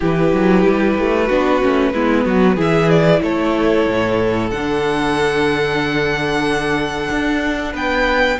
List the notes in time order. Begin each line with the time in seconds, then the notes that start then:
0.00 E3 E4 G4 B4
0.33 F#3
0.66 G3
0.98 A3
1.25 B3 D4 F#4
1.61 A3 C#4
1.93 G#3 B3 E4
2.25 F#3 F#4
2.55 E3 E4 G#4 E5
2.90 D5
3.21 A3 A4 C#5
3.86 A2
4.50 D3 D4 F#5
7.10 D4
7.72 B3 B4 G5